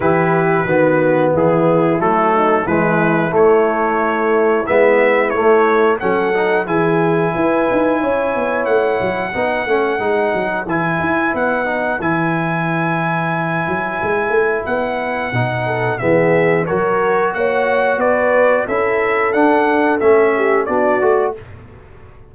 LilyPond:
<<
  \new Staff \with { instrumentName = "trumpet" } { \time 4/4 \tempo 4 = 90 b'2 gis'4 a'4 | b'4 cis''2 e''4 | cis''4 fis''4 gis''2~ | gis''4 fis''2. |
gis''4 fis''4 gis''2~ | gis''2 fis''2 | e''4 cis''4 fis''4 d''4 | e''4 fis''4 e''4 d''4 | }
  \new Staff \with { instrumentName = "horn" } { \time 4/4 g'4 fis'4 e'4. dis'8 | e'1~ | e'4 a'4 gis'4 b'4 | cis''2 b'2~ |
b'1~ | b'2.~ b'8 a'8 | gis'4 ais'4 cis''4 b'4 | a'2~ a'8 g'8 fis'4 | }
  \new Staff \with { instrumentName = "trombone" } { \time 4/4 e'4 b2 a4 | gis4 a2 b4 | a4 cis'8 dis'8 e'2~ | e'2 dis'8 cis'8 dis'4 |
e'4. dis'8 e'2~ | e'2. dis'4 | b4 fis'2. | e'4 d'4 cis'4 d'8 fis'8 | }
  \new Staff \with { instrumentName = "tuba" } { \time 4/4 e4 dis4 e4 fis4 | e4 a2 gis4 | a4 fis4 e4 e'8 dis'8 | cis'8 b8 a8 fis8 b8 a8 gis8 fis8 |
e8 e'8 b4 e2~ | e8 fis8 gis8 a8 b4 b,4 | e4 fis4 ais4 b4 | cis'4 d'4 a4 b8 a8 | }
>>